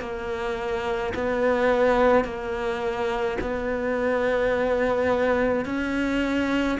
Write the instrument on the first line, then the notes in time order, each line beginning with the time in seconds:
cello
0.00 A#3
1.14 B3
2.24 A#3
3.41 B3
5.66 C#4